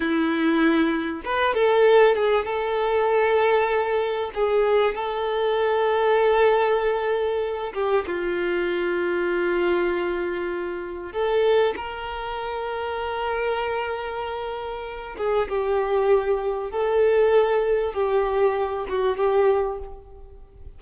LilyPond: \new Staff \with { instrumentName = "violin" } { \time 4/4 \tempo 4 = 97 e'2 b'8 a'4 gis'8 | a'2. gis'4 | a'1~ | a'8 g'8 f'2.~ |
f'2 a'4 ais'4~ | ais'1~ | ais'8 gis'8 g'2 a'4~ | a'4 g'4. fis'8 g'4 | }